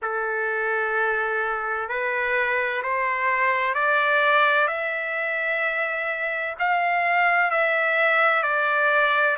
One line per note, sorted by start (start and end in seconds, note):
0.02 1.88 A4
1.88 2.82 B4
2.82 3.74 C5
3.74 4.67 D5
4.67 6.55 E5
6.59 7.50 F5
7.50 8.42 E5
8.42 9.36 D5